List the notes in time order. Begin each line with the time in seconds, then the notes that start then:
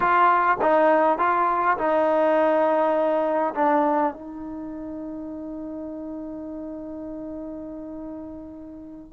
0.00 F4
0.61 D#4
1.18 F4
1.77 D#4
3.55 D4
4.13 D#4